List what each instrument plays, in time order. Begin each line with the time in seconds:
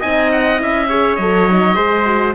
0.00 cello C4, horn D#4, trumpet D#5, oboe G#5
0.32 oboe F#5
0.57 cello C#4, horn E4, oboe E5
0.89 horn G#4, trumpet C#5
1.16 cello F#3, horn A4, oboe D#5
1.50 horn D#4
1.75 cello G#3, horn G#4, trumpet C5
2.06 horn F#4